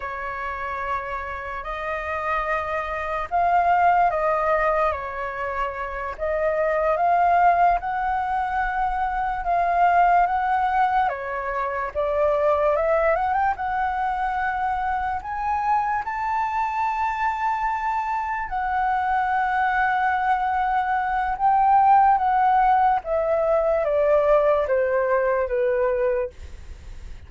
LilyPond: \new Staff \with { instrumentName = "flute" } { \time 4/4 \tempo 4 = 73 cis''2 dis''2 | f''4 dis''4 cis''4. dis''8~ | dis''8 f''4 fis''2 f''8~ | f''8 fis''4 cis''4 d''4 e''8 |
fis''16 g''16 fis''2 gis''4 a''8~ | a''2~ a''8 fis''4.~ | fis''2 g''4 fis''4 | e''4 d''4 c''4 b'4 | }